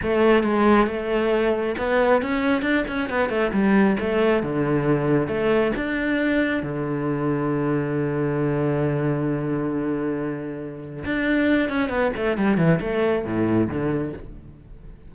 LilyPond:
\new Staff \with { instrumentName = "cello" } { \time 4/4 \tempo 4 = 136 a4 gis4 a2 | b4 cis'4 d'8 cis'8 b8 a8 | g4 a4 d2 | a4 d'2 d4~ |
d1~ | d1~ | d4 d'4. cis'8 b8 a8 | g8 e8 a4 a,4 d4 | }